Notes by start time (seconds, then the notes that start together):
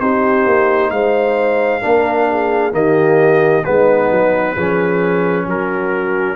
0.00 C4 D#4 G4 C5
0.46 A#3
0.91 G#3 C5 F5
1.82 A#3 D4 A#4
2.30 G#4
2.72 D#3 A#3 G4 D#5
3.64 G#3 B3 D#4 B4
4.11 F#3
4.54 F3 C#4 G#4
5.46 F#3 F#4 A#4